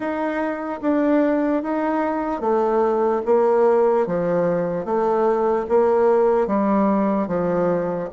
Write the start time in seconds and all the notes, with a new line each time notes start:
0.00 D#4
0.81 D4
1.63 D#4
2.40 A3
3.25 A#3
4.06 F3
4.85 A3
5.68 A#3
6.46 G3
7.28 F3